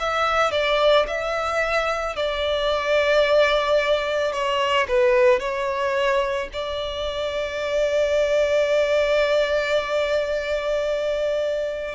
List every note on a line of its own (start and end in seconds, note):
0.00 0.52 E5
0.52 1.06 D5
1.08 2.16 E5
2.16 4.32 D5
4.32 4.87 C#5
4.88 5.40 B4
5.40 6.49 C#5
6.53 11.96 D5